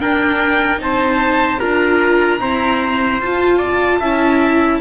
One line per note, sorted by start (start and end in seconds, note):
0.00 0.79 D4
0.00 0.78 D4
0.00 0.81 A#4
0.00 0.80 G5
0.78 1.59 C4
0.78 1.58 D#4
0.78 1.60 C5
0.78 1.60 A5
1.60 2.41 D4
1.60 2.39 F4
1.60 2.40 A#4
1.60 3.20 A#5
2.39 3.19 C4
2.39 3.20 E4
2.39 3.58 C5
3.20 4.00 F4
3.20 4.01 F4
3.20 4.81 A5
3.58 3.98 D5
3.99 4.80 C#4
3.99 4.81 E4
3.99 4.79 E5